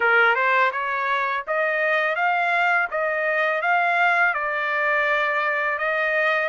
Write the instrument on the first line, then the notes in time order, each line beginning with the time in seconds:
trumpet
0.00 A#4
0.35 C5
0.72 C#5
1.47 D#5
2.15 F5
2.90 D#5
3.61 F5
4.34 D5
5.78 D#5